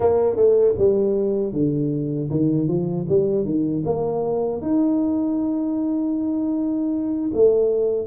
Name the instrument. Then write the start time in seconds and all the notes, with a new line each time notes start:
tuba
0.00 A#3
0.35 A3
0.77 G3
1.52 D3
2.30 D#3
2.67 F3
3.08 G3
3.44 D#3
3.85 A#3
4.61 D#4
7.33 A3